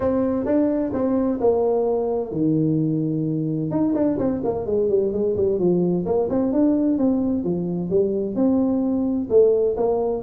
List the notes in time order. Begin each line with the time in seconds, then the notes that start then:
0.00 C4
0.45 D4
0.93 C4
1.40 A#3
2.31 D#3
3.70 D#4
3.95 D4
4.18 C4
4.44 A#3
4.65 G#3
4.89 G3
5.12 G#3
5.36 G3
5.58 F3
6.05 A#3
6.29 C4
6.52 D4
6.98 C4
7.43 F3
7.89 G3
8.35 C4
9.29 A3
9.77 A#3